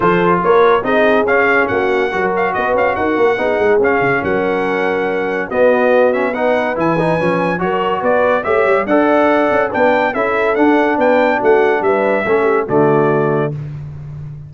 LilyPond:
<<
  \new Staff \with { instrumentName = "trumpet" } { \time 4/4 \tempo 4 = 142 c''4 cis''4 dis''4 f''4 | fis''4. f''8 dis''8 f''8 fis''4~ | fis''4 f''4 fis''2~ | fis''4 dis''4. e''8 fis''4 |
gis''2 cis''4 d''4 | e''4 fis''2 g''4 | e''4 fis''4 g''4 fis''4 | e''2 d''2 | }
  \new Staff \with { instrumentName = "horn" } { \time 4/4 a'4 ais'4 gis'2 | fis'4 ais'4 b'4 ais'4 | gis'2 ais'2~ | ais'4 fis'2 b'4~ |
b'2 ais'4 b'4 | cis''4 d''2 b'4 | a'2 b'4 fis'4 | b'4 a'8 g'8 fis'2 | }
  \new Staff \with { instrumentName = "trombone" } { \time 4/4 f'2 dis'4 cis'4~ | cis'4 fis'2. | dis'4 cis'2.~ | cis'4 b4. cis'8 dis'4 |
e'8 dis'8 cis'4 fis'2 | g'4 a'2 d'4 | e'4 d'2.~ | d'4 cis'4 a2 | }
  \new Staff \with { instrumentName = "tuba" } { \time 4/4 f4 ais4 c'4 cis'4 | ais4 fis4 b8 cis'8 dis'8 ais8 | b8 gis8 cis'8 cis8 fis2~ | fis4 b2. |
e4 f4 fis4 b4 | a8 g8 d'4. cis'8 b4 | cis'4 d'4 b4 a4 | g4 a4 d2 | }
>>